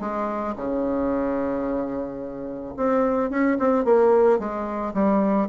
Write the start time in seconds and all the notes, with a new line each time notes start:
0.00 G#3
0.56 C#3
2.76 C4
3.30 C#4
3.59 C4
3.84 A#3
4.39 G#3
4.94 G3